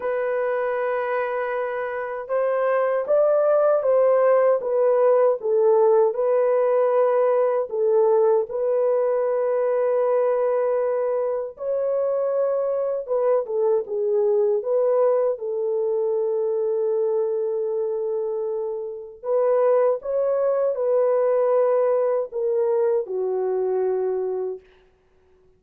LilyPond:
\new Staff \with { instrumentName = "horn" } { \time 4/4 \tempo 4 = 78 b'2. c''4 | d''4 c''4 b'4 a'4 | b'2 a'4 b'4~ | b'2. cis''4~ |
cis''4 b'8 a'8 gis'4 b'4 | a'1~ | a'4 b'4 cis''4 b'4~ | b'4 ais'4 fis'2 | }